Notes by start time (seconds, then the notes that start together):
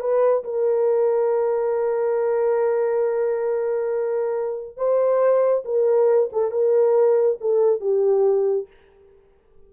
0.00 B4
0.44 A#4
4.77 C5
5.64 A#4
6.32 A4
6.51 A#4
7.41 A4
7.80 G4